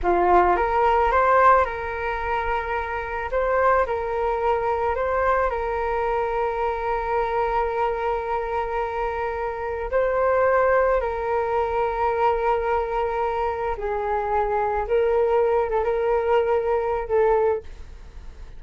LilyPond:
\new Staff \with { instrumentName = "flute" } { \time 4/4 \tempo 4 = 109 f'4 ais'4 c''4 ais'4~ | ais'2 c''4 ais'4~ | ais'4 c''4 ais'2~ | ais'1~ |
ais'2 c''2 | ais'1~ | ais'4 gis'2 ais'4~ | ais'8 a'16 ais'2~ ais'16 a'4 | }